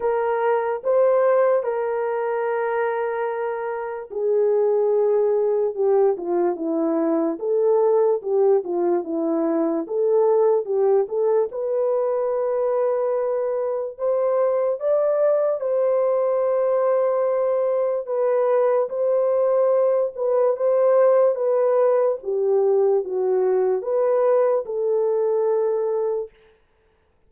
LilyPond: \new Staff \with { instrumentName = "horn" } { \time 4/4 \tempo 4 = 73 ais'4 c''4 ais'2~ | ais'4 gis'2 g'8 f'8 | e'4 a'4 g'8 f'8 e'4 | a'4 g'8 a'8 b'2~ |
b'4 c''4 d''4 c''4~ | c''2 b'4 c''4~ | c''8 b'8 c''4 b'4 g'4 | fis'4 b'4 a'2 | }